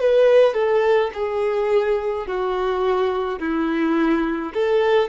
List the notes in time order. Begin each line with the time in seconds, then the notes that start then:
0.00 B4
0.54 A4
1.14 G#4
2.27 F#4
3.40 E4
4.54 A4